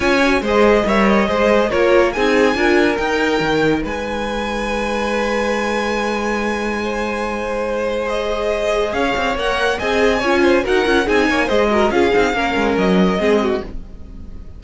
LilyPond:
<<
  \new Staff \with { instrumentName = "violin" } { \time 4/4 \tempo 4 = 141 gis''4 dis''4 e''8 dis''4. | cis''4 gis''2 g''4~ | g''4 gis''2.~ | gis''1~ |
gis''2. dis''4~ | dis''4 f''4 fis''4 gis''4~ | gis''4 fis''4 gis''4 dis''4 | f''2 dis''2 | }
  \new Staff \with { instrumentName = "violin" } { \time 4/4 cis''4 c''4 cis''4 c''4 | ais'4 gis'4 ais'2~ | ais'4 b'2.~ | b'1 |
c''1~ | c''4 cis''2 dis''4 | cis''8 c''8 ais'4 gis'8 cis''8 c''8 ais'8 | gis'4 ais'2 gis'8 fis'8 | }
  \new Staff \with { instrumentName = "viola" } { \time 4/4 f'8 fis'8 gis'4 ais'4 gis'4 | f'4 dis'4 f'4 dis'4~ | dis'1~ | dis'1~ |
dis'2. gis'4~ | gis'2 ais'4 gis'4 | f'4 fis'8 f'8 dis'4 gis'8 fis'8 | f'8 dis'8 cis'2 c'4 | }
  \new Staff \with { instrumentName = "cello" } { \time 4/4 cis'4 gis4 g4 gis4 | ais4 c'4 d'4 dis'4 | dis4 gis2.~ | gis1~ |
gis1~ | gis4 cis'8 c'8 ais4 c'4 | cis'4 dis'8 cis'8 c'8 ais8 gis4 | cis'8 c'8 ais8 gis8 fis4 gis4 | }
>>